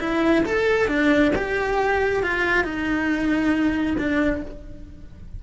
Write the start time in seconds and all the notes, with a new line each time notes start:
0.00 E4
0.45 A4
0.88 D4
1.36 G4
2.23 F4
2.64 D#4
3.98 D4